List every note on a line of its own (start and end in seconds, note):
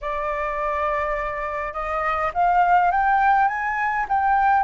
0.01 1.73 D5
1.73 2.31 D#5
2.34 2.91 F5
2.91 3.47 G5
3.47 4.06 G#5
4.08 4.63 G5